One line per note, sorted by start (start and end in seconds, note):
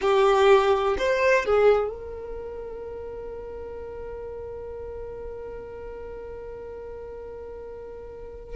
0.01 0.96 G4
0.97 1.45 C5
1.45 1.89 G#4
1.89 8.55 A#4